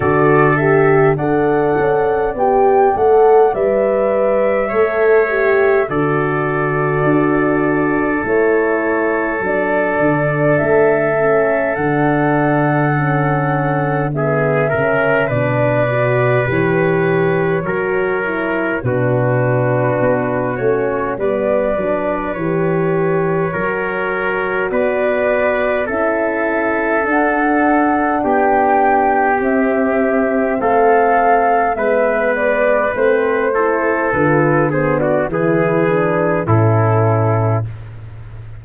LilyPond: <<
  \new Staff \with { instrumentName = "flute" } { \time 4/4 \tempo 4 = 51 d''8 e''8 fis''4 g''8 fis''8 e''4~ | e''4 d''2 cis''4 | d''4 e''4 fis''2 | e''4 d''4 cis''2 |
b'4. cis''8 d''4 cis''4~ | cis''4 d''4 e''4 fis''4 | g''4 e''4 f''4 e''8 d''8 | c''4 b'8 c''16 d''16 b'4 a'4 | }
  \new Staff \with { instrumentName = "trumpet" } { \time 4/4 a'4 d''2. | cis''4 a'2.~ | a'1 | gis'8 ais'8 b'2 ais'4 |
fis'2 b'2 | ais'4 b'4 a'2 | g'2 a'4 b'4~ | b'8 a'4 gis'16 fis'16 gis'4 e'4 | }
  \new Staff \with { instrumentName = "horn" } { \time 4/4 fis'8 g'8 a'4 g'8 a'8 b'4 | a'8 g'8 fis'2 e'4 | d'4. cis'8 d'4 cis'4 | b8 cis'8 d'8 fis'8 g'4 fis'8 e'8 |
d'4. cis'8 b8 d'8 g'4 | fis'2 e'4 d'4~ | d'4 c'2 b4 | c'8 e'8 f'8 b8 e'8 d'8 cis'4 | }
  \new Staff \with { instrumentName = "tuba" } { \time 4/4 d4 d'8 cis'8 b8 a8 g4 | a4 d4 d'4 a4 | fis8 d8 a4 d2~ | d8 cis8 b,4 e4 fis4 |
b,4 b8 a8 g8 fis8 e4 | fis4 b4 cis'4 d'4 | b4 c'4 a4 gis4 | a4 d4 e4 a,4 | }
>>